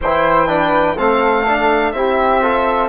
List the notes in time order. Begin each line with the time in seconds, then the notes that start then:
0.00 E3 E4 C5 G5
0.47 D4 B4
0.96 A3 C4 A4 F5
1.47 D4
1.92 C4 E4 G4 E5
2.41 F4 A4